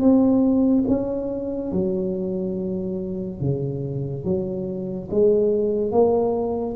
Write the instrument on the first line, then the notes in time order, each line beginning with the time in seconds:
tuba
0.00 C4
0.88 C#4
1.72 F#3
3.40 C#3
4.25 F#3
5.11 G#3
5.92 A#3